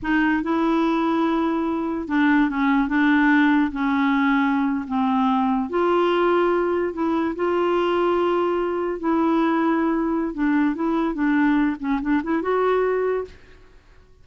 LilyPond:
\new Staff \with { instrumentName = "clarinet" } { \time 4/4 \tempo 4 = 145 dis'4 e'2.~ | e'4 d'4 cis'4 d'4~ | d'4 cis'2~ cis'8. c'16~ | c'4.~ c'16 f'2~ f'16~ |
f'8. e'4 f'2~ f'16~ | f'4.~ f'16 e'2~ e'16~ | e'4 d'4 e'4 d'4~ | d'8 cis'8 d'8 e'8 fis'2 | }